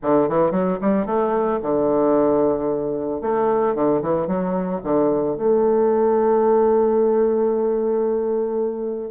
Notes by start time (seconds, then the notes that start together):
0.02 D3
0.28 E3
0.51 F#3
0.81 G3
1.05 A3
1.62 D3
3.21 A3
3.74 D3
4.02 E3
4.27 F#3
4.83 D3
5.36 A3